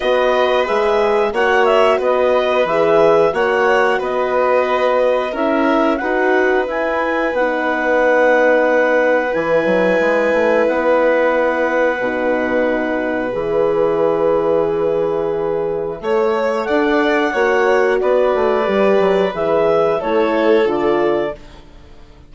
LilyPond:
<<
  \new Staff \with { instrumentName = "clarinet" } { \time 4/4 \tempo 4 = 90 dis''4 e''4 fis''8 e''8 dis''4 | e''4 fis''4 dis''2 | e''4 fis''4 gis''4 fis''4~ | fis''2 gis''2 |
fis''1 | e''1~ | e''4 fis''2 d''4~ | d''4 e''4 cis''4 d''4 | }
  \new Staff \with { instrumentName = "violin" } { \time 4/4 b'2 cis''4 b'4~ | b'4 cis''4 b'2 | ais'4 b'2.~ | b'1~ |
b'1~ | b'1 | cis''4 d''4 cis''4 b'4~ | b'2 a'2 | }
  \new Staff \with { instrumentName = "horn" } { \time 4/4 fis'4 gis'4 fis'2 | gis'4 fis'2. | e'4 fis'4 e'4 dis'4~ | dis'2 e'2~ |
e'2 dis'2 | gis'1 | a'2 fis'2 | g'4 gis'4 e'4 f'4 | }
  \new Staff \with { instrumentName = "bassoon" } { \time 4/4 b4 gis4 ais4 b4 | e4 ais4 b2 | cis'4 dis'4 e'4 b4~ | b2 e8 fis8 gis8 a8 |
b2 b,2 | e1 | a4 d'4 ais4 b8 a8 | g8 fis8 e4 a4 d4 | }
>>